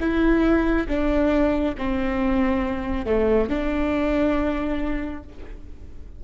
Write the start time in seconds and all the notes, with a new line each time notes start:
0.00 E4
0.88 D4
1.77 C4
3.06 A3
3.49 D4